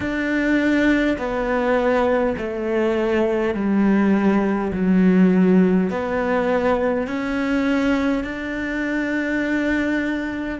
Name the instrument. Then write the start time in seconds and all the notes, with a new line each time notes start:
cello
0.00 D4
1.18 B3
2.37 A3
3.54 G3
4.73 F#3
5.89 B3
7.06 C#4
8.24 D4